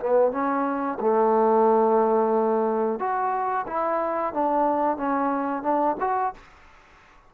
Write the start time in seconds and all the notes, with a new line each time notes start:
0.00 B3
0.32 C#4
1.00 A3
3.00 F#4
3.68 E4
4.34 D4
4.97 C#4
5.63 D4
6.01 F#4